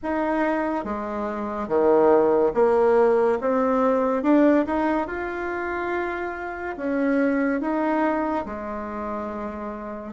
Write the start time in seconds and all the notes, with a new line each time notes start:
0.02 D#4
0.84 G#3
1.67 D#3
2.54 A#3
3.40 C4
4.23 D4
4.66 D#4
5.07 F4
6.76 C#4
7.61 D#4
8.45 G#3